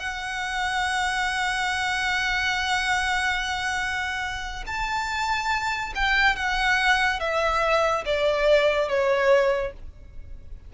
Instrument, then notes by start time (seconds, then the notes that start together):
violin
0.00 F#5
4.67 A5
5.95 G5
6.36 F#5
7.20 E5
8.06 D5
8.89 C#5